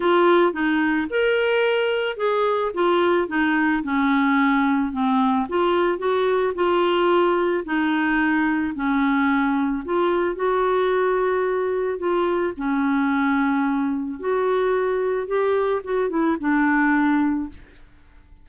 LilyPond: \new Staff \with { instrumentName = "clarinet" } { \time 4/4 \tempo 4 = 110 f'4 dis'4 ais'2 | gis'4 f'4 dis'4 cis'4~ | cis'4 c'4 f'4 fis'4 | f'2 dis'2 |
cis'2 f'4 fis'4~ | fis'2 f'4 cis'4~ | cis'2 fis'2 | g'4 fis'8 e'8 d'2 | }